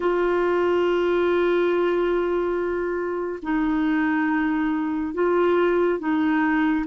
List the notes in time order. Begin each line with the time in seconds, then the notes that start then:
0.00 F4
3.42 D#4
5.14 F4
5.99 D#4